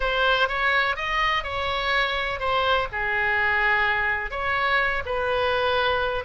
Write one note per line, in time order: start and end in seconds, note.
0.00 0.48 C5
0.48 0.96 C#5
0.96 1.43 D#5
1.43 2.39 C#5
2.39 2.87 C5
2.91 4.30 G#4
4.30 5.02 C#5
5.05 6.24 B4